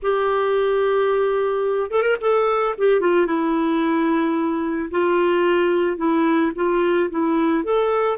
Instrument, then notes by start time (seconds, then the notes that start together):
clarinet
0.02 G4
1.90 A4
2.02 A#4
2.20 A4
2.77 G4
3.00 F4
3.26 E4
4.90 F4
5.97 E4
6.55 F4
7.10 E4
7.64 A4